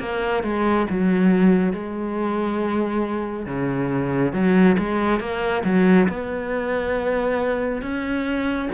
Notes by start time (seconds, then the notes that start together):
0.00 A#3
0.43 G#3
0.90 F#3
1.73 G#3
3.46 C#3
4.33 F#3
4.79 G#3
5.20 A#3
5.65 F#3
6.09 B3
7.82 C#4